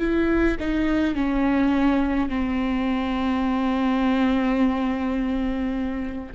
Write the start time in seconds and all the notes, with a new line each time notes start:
0.00 E4
0.60 D#4
1.15 C#4
2.29 C4